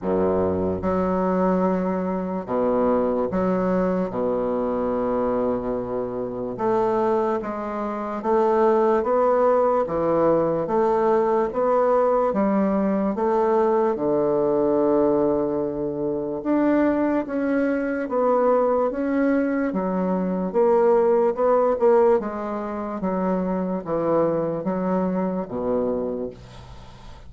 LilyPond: \new Staff \with { instrumentName = "bassoon" } { \time 4/4 \tempo 4 = 73 fis,4 fis2 b,4 | fis4 b,2. | a4 gis4 a4 b4 | e4 a4 b4 g4 |
a4 d2. | d'4 cis'4 b4 cis'4 | fis4 ais4 b8 ais8 gis4 | fis4 e4 fis4 b,4 | }